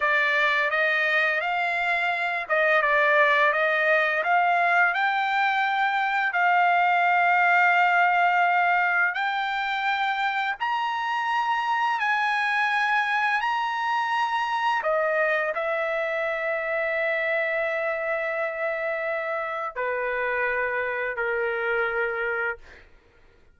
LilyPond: \new Staff \with { instrumentName = "trumpet" } { \time 4/4 \tempo 4 = 85 d''4 dis''4 f''4. dis''8 | d''4 dis''4 f''4 g''4~ | g''4 f''2.~ | f''4 g''2 ais''4~ |
ais''4 gis''2 ais''4~ | ais''4 dis''4 e''2~ | e''1 | b'2 ais'2 | }